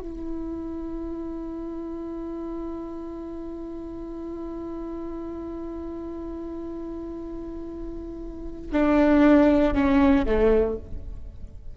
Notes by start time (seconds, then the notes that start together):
0.00 E4
8.72 D4
9.75 C#4
10.26 A3